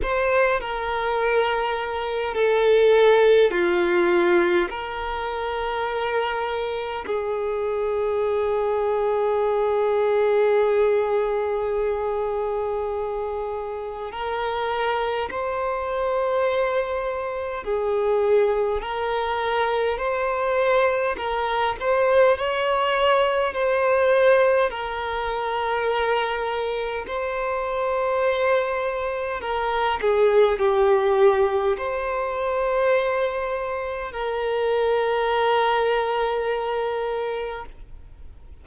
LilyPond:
\new Staff \with { instrumentName = "violin" } { \time 4/4 \tempo 4 = 51 c''8 ais'4. a'4 f'4 | ais'2 gis'2~ | gis'1 | ais'4 c''2 gis'4 |
ais'4 c''4 ais'8 c''8 cis''4 | c''4 ais'2 c''4~ | c''4 ais'8 gis'8 g'4 c''4~ | c''4 ais'2. | }